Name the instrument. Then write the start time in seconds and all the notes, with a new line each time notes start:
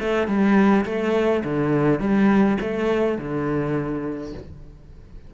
cello
0.00 A3
0.27 G3
0.85 A3
1.44 D3
2.00 G3
2.61 A3
3.18 D3